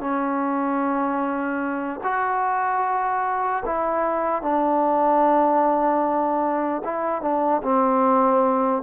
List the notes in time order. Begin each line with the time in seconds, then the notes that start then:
0.00 C#4
2.03 F#4
3.65 E4
4.42 D4
6.84 E4
7.22 D4
7.63 C4